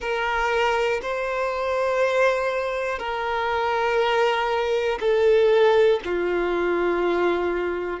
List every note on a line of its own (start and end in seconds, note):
0.00 1.00 A#4
1.01 2.99 C5
2.99 4.99 A#4
5.00 6.00 A4
6.05 8.00 F4